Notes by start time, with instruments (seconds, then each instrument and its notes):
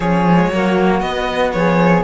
0.00 cello F3 C#4, flute G#4, violin C#5
0.30 cello G#3
0.50 cello F#3 A#3, flute F#4
1.00 cello B3, violin D#5
1.52 cello F3, flute G#4, violin C#5